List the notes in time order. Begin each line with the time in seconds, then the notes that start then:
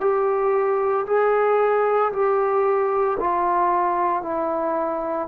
0.00 G4
1.06 G#4
2.12 G4
3.20 F4
4.22 E4